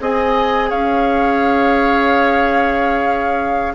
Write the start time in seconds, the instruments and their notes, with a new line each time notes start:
0.00 bassoon C4, clarinet G#4, oboe D#5, flute G#5
0.69 bassoon C#4, oboe C#5, flute F5